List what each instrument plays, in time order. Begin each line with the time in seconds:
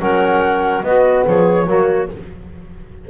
0.00 double bass F#3, trombone C#4, clarinet A#4, flute F#5
0.83 double bass B3, trombone B3, clarinet F#4, flute D#5
1.26 double bass F3, clarinet G#4, flute C#5
1.66 double bass F#3, trombone A#3, clarinet F#4